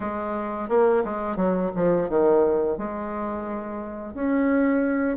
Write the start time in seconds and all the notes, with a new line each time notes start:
0.00 G#3
0.68 A#3
1.04 G#3
1.36 F#3
1.75 F3
2.09 D#3
2.77 G#3
4.13 C#4